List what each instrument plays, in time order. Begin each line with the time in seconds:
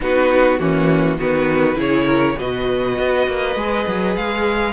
0.00 cello B3, viola D#4, violin F#4 B4
0.58 cello E3, viola A#3, violin C#4 F#4
1.17 cello D#3, viola B3, violin F#4 B4
1.75 cello C#3, viola E4, violin G#4 C#5
2.05 violin A#4
2.38 cello B2, viola F#4, violin B4 D#5
2.98 cello B3
3.27 cello A#3
3.55 cello G#3, viola G#4
3.87 cello F#3
4.15 cello G#3, violin F5